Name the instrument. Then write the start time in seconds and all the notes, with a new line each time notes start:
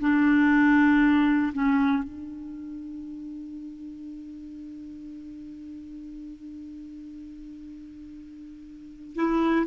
clarinet
0.00 D4
1.53 C#4
2.03 D4
9.15 E4